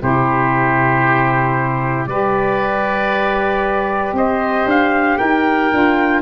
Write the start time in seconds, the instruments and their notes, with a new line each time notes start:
0.00 tuba C3, saxophone E4, oboe G4, trumpet C5
2.06 tuba G3, saxophone G4, oboe B4, trumpet D5
4.12 tuba C4, oboe C5, trumpet D#5
4.65 tuba D4, trumpet F5
5.17 tuba D#4, oboe A#4, trumpet G5
5.71 tuba D4, saxophone F4